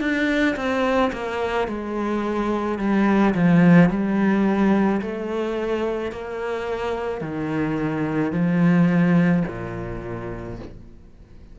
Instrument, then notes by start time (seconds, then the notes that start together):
cello
0.00 D4
0.56 C4
1.12 A#3
1.67 G#3
2.78 G3
3.34 F3
3.89 G3
5.01 A3
6.12 A#3
7.21 D#3
8.32 F3
9.47 A#2